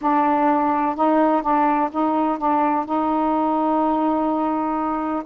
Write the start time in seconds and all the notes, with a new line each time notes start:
0.01 D4
0.95 D#4
1.42 D4
1.91 D#4
2.38 D4
2.85 D#4